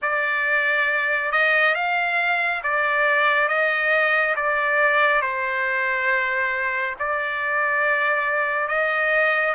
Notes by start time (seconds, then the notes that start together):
0.02 D5
1.31 D#5
1.74 F5
2.63 D5
3.48 D#5
4.36 D5
5.21 C5
6.99 D5
8.68 D#5